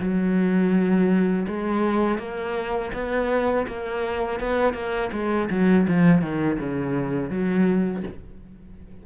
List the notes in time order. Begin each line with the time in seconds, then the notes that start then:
0.00 F#3
1.48 G#3
2.19 A#3
2.93 B3
3.67 A#3
4.40 B3
4.74 A#3
5.13 G#3
5.50 F#3
5.88 F3
6.22 D#3
6.59 C#3
7.30 F#3